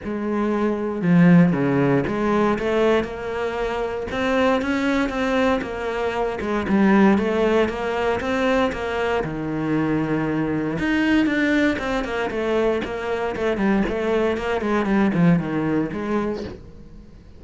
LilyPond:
\new Staff \with { instrumentName = "cello" } { \time 4/4 \tempo 4 = 117 gis2 f4 cis4 | gis4 a4 ais2 | c'4 cis'4 c'4 ais4~ | ais8 gis8 g4 a4 ais4 |
c'4 ais4 dis2~ | dis4 dis'4 d'4 c'8 ais8 | a4 ais4 a8 g8 a4 | ais8 gis8 g8 f8 dis4 gis4 | }